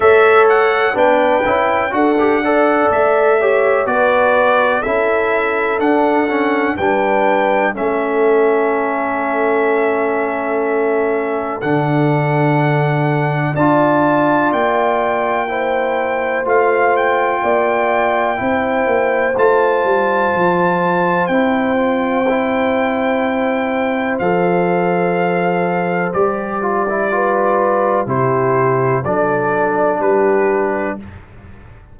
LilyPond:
<<
  \new Staff \with { instrumentName = "trumpet" } { \time 4/4 \tempo 4 = 62 e''8 fis''8 g''4 fis''4 e''4 | d''4 e''4 fis''4 g''4 | e''1 | fis''2 a''4 g''4~ |
g''4 f''8 g''2~ g''8 | a''2 g''2~ | g''4 f''2 d''4~ | d''4 c''4 d''4 b'4 | }
  \new Staff \with { instrumentName = "horn" } { \time 4/4 cis''4 b'4 a'8 d''4 cis''8 | b'4 a'2 b'4 | a'1~ | a'2 d''2 |
c''2 d''4 c''4~ | c''1~ | c''1 | b'4 g'4 a'4 g'4 | }
  \new Staff \with { instrumentName = "trombone" } { \time 4/4 a'4 d'8 e'8 fis'16 g'16 a'4 g'8 | fis'4 e'4 d'8 cis'8 d'4 | cis'1 | d'2 f'2 |
e'4 f'2 e'4 | f'2 e'8 f'8 e'4~ | e'4 a'2 g'8 f'16 e'16 | f'4 e'4 d'2 | }
  \new Staff \with { instrumentName = "tuba" } { \time 4/4 a4 b8 cis'8 d'4 a4 | b4 cis'4 d'4 g4 | a1 | d2 d'4 ais4~ |
ais4 a4 ais4 c'8 ais8 | a8 g8 f4 c'2~ | c'4 f2 g4~ | g4 c4 fis4 g4 | }
>>